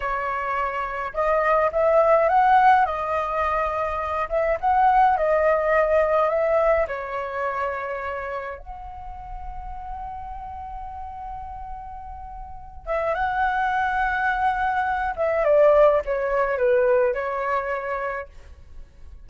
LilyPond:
\new Staff \with { instrumentName = "flute" } { \time 4/4 \tempo 4 = 105 cis''2 dis''4 e''4 | fis''4 dis''2~ dis''8 e''8 | fis''4 dis''2 e''4 | cis''2. fis''4~ |
fis''1~ | fis''2~ fis''8 e''8 fis''4~ | fis''2~ fis''8 e''8 d''4 | cis''4 b'4 cis''2 | }